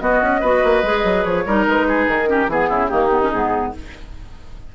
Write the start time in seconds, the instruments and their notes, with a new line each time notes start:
0.00 clarinet B3, bassoon B3, oboe F#4, flute D#5
0.22 bassoon C#4
0.40 bassoon B3, clarinet F#4, oboe B4
0.64 bassoon A#3
0.83 bassoon G#3, clarinet G#4
1.04 bassoon F#3
1.24 bassoon F3, flute C#5
1.46 bassoon G3, clarinet D#4, oboe A#4
1.67 bassoon G#3, flute B4
1.88 oboe G#4
2.07 bassoon D#3, flute A#4
2.26 clarinet C#4, oboe G4
2.48 bassoon E3, clarinet B3, flute G#4, oboe G#4
2.69 bassoon C#3, oboe E4
2.89 bassoon D#3, clarinet A#3, oboe D#4, flute G4
3.11 clarinet B3
3.22 clarinet C#4
3.31 bassoon G#2, clarinet B3, flute G#4